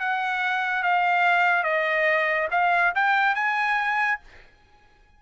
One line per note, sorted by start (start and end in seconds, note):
0.00 0.83 F#5
0.83 1.64 F5
1.64 2.48 D#5
2.51 2.93 F5
2.95 3.35 G5
3.35 4.20 G#5